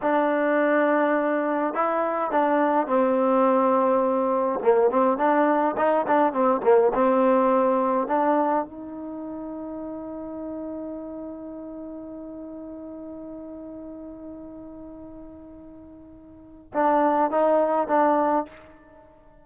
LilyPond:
\new Staff \with { instrumentName = "trombone" } { \time 4/4 \tempo 4 = 104 d'2. e'4 | d'4 c'2. | ais8 c'8 d'4 dis'8 d'8 c'8 ais8 | c'2 d'4 dis'4~ |
dis'1~ | dis'1~ | dis'1~ | dis'4 d'4 dis'4 d'4 | }